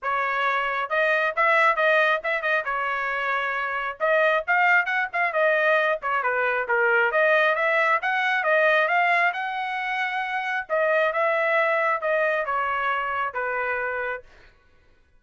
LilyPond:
\new Staff \with { instrumentName = "trumpet" } { \time 4/4 \tempo 4 = 135 cis''2 dis''4 e''4 | dis''4 e''8 dis''8 cis''2~ | cis''4 dis''4 f''4 fis''8 f''8 | dis''4. cis''8 b'4 ais'4 |
dis''4 e''4 fis''4 dis''4 | f''4 fis''2. | dis''4 e''2 dis''4 | cis''2 b'2 | }